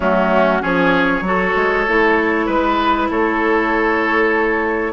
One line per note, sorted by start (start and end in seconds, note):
0.00 0.61 F#3
0.00 0.60 A3
0.00 0.61 C#4
0.00 0.63 F#4
0.60 1.21 F3
0.60 1.22 C#4
0.60 1.23 G#4
0.60 2.48 C#5
1.21 1.52 F#3
1.21 1.86 F#4
1.21 2.46 A4
1.55 1.86 G#3
1.87 2.47 A3
1.87 4.92 E4
2.46 3.09 G#3
2.46 3.08 B4
2.46 3.09 B4
3.10 4.92 A3
3.10 4.92 A4
3.10 4.92 C#5